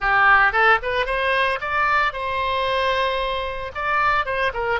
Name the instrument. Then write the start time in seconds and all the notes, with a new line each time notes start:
oboe
0.00 G4
0.52 A4
0.82 B4
1.06 C5
1.60 D5
2.12 C5
3.74 D5
4.25 C5
4.53 A#4